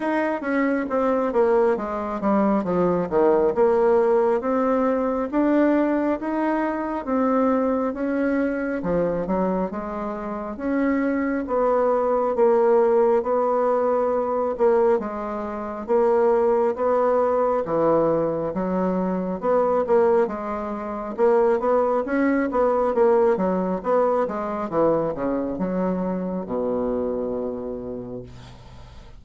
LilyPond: \new Staff \with { instrumentName = "bassoon" } { \time 4/4 \tempo 4 = 68 dis'8 cis'8 c'8 ais8 gis8 g8 f8 dis8 | ais4 c'4 d'4 dis'4 | c'4 cis'4 f8 fis8 gis4 | cis'4 b4 ais4 b4~ |
b8 ais8 gis4 ais4 b4 | e4 fis4 b8 ais8 gis4 | ais8 b8 cis'8 b8 ais8 fis8 b8 gis8 | e8 cis8 fis4 b,2 | }